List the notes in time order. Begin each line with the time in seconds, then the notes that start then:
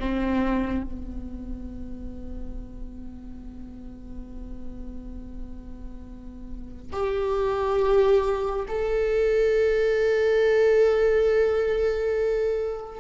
0.00 C4
0.84 B3
6.92 G4
8.68 A4